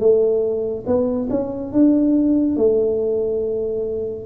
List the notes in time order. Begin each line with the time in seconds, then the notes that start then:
0.00 A3
0.86 B3
1.30 C#4
1.72 D4
2.57 A3